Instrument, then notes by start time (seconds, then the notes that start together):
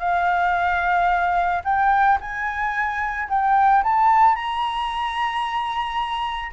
flute
0.00 F5
1.65 G5
2.21 G#5
3.29 G5
3.84 A5
4.36 A#5